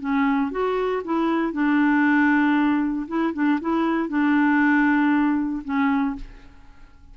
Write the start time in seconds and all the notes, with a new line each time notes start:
0.00 C#4
0.51 F#4
1.04 E4
1.53 D4
3.07 E4
3.34 D4
3.61 E4
4.09 D4
5.64 C#4